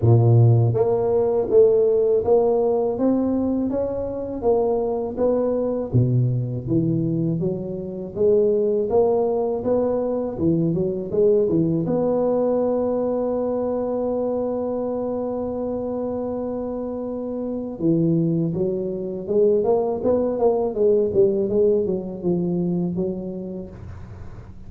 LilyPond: \new Staff \with { instrumentName = "tuba" } { \time 4/4 \tempo 4 = 81 ais,4 ais4 a4 ais4 | c'4 cis'4 ais4 b4 | b,4 e4 fis4 gis4 | ais4 b4 e8 fis8 gis8 e8 |
b1~ | b1 | e4 fis4 gis8 ais8 b8 ais8 | gis8 g8 gis8 fis8 f4 fis4 | }